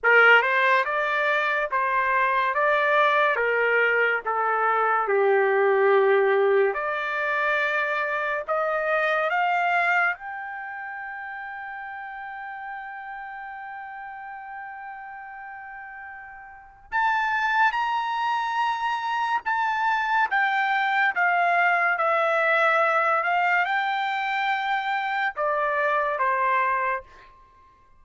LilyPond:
\new Staff \with { instrumentName = "trumpet" } { \time 4/4 \tempo 4 = 71 ais'8 c''8 d''4 c''4 d''4 | ais'4 a'4 g'2 | d''2 dis''4 f''4 | g''1~ |
g''1 | a''4 ais''2 a''4 | g''4 f''4 e''4. f''8 | g''2 d''4 c''4 | }